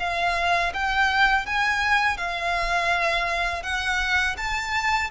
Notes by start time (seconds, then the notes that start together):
0.00 F5
0.74 G5
1.46 G#5
2.18 F5
3.63 F#5
4.38 A5